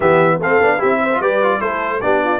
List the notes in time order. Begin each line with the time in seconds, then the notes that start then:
0.00 E3 B3 G4 E5
0.39 A3 C4 A4 F5
0.60 B3 D4
0.78 C4 E4 G4 E5
1.01 C5
1.13 F4
1.19 G3 G4 B4 D5
1.42 F4
1.60 A3 E4 A4 C5
2.00 B3 D4 G4 D5
2.23 F4